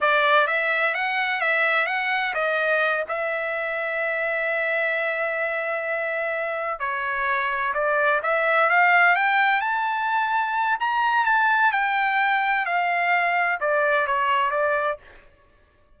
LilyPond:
\new Staff \with { instrumentName = "trumpet" } { \time 4/4 \tempo 4 = 128 d''4 e''4 fis''4 e''4 | fis''4 dis''4. e''4.~ | e''1~ | e''2~ e''8 cis''4.~ |
cis''8 d''4 e''4 f''4 g''8~ | g''8 a''2~ a''8 ais''4 | a''4 g''2 f''4~ | f''4 d''4 cis''4 d''4 | }